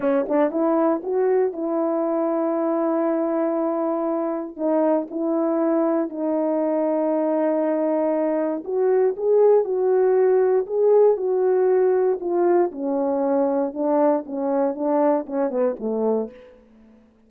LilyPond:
\new Staff \with { instrumentName = "horn" } { \time 4/4 \tempo 4 = 118 cis'8 d'8 e'4 fis'4 e'4~ | e'1~ | e'4 dis'4 e'2 | dis'1~ |
dis'4 fis'4 gis'4 fis'4~ | fis'4 gis'4 fis'2 | f'4 cis'2 d'4 | cis'4 d'4 cis'8 b8 a4 | }